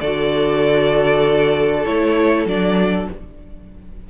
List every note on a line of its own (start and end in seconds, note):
0.00 1.86 D3
0.00 1.85 F#4
0.00 3.09 A4
0.00 1.85 D5
1.85 2.45 A3
1.85 2.47 E4
1.85 2.47 C#5
2.45 3.07 F#3
2.45 3.09 D4
2.45 3.10 D5